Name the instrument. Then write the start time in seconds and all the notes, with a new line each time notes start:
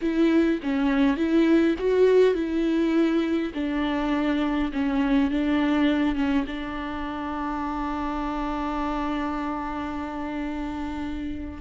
viola
0.01 E4
0.62 C#4
1.16 E4
1.78 F#4
2.34 E4
3.53 D4
4.72 C#4
5.30 D4
6.15 C#4
6.46 D4